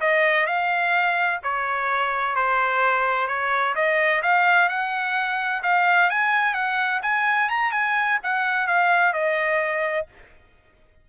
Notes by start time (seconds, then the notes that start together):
0.00 D#5
0.46 F5
1.43 C#5
2.35 C5
3.27 C#5
3.75 D#5
4.22 F5
4.68 F#5
5.63 F5
6.10 G#5
6.54 F#5
7.02 G#5
7.49 A#5
7.71 G#5
8.23 F#5
8.67 F5
9.13 D#5